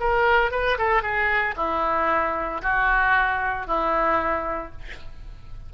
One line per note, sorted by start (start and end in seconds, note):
0.00 0.51 A#4
0.51 0.78 B4
0.78 1.02 A4
1.02 1.55 G#4
1.56 2.61 E4
2.62 3.67 F#4
3.67 4.72 E4